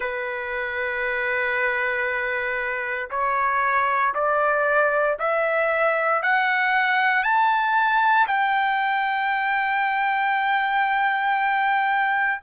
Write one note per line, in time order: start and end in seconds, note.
0.00 3.09 B4
3.10 4.14 C#5
4.14 5.17 D5
5.19 6.22 E5
6.22 7.23 F#5
7.23 8.26 A5
8.27 12.41 G5